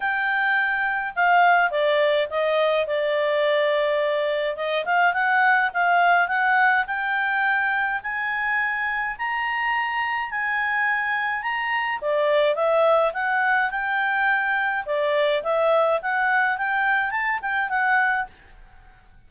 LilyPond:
\new Staff \with { instrumentName = "clarinet" } { \time 4/4 \tempo 4 = 105 g''2 f''4 d''4 | dis''4 d''2. | dis''8 f''8 fis''4 f''4 fis''4 | g''2 gis''2 |
ais''2 gis''2 | ais''4 d''4 e''4 fis''4 | g''2 d''4 e''4 | fis''4 g''4 a''8 g''8 fis''4 | }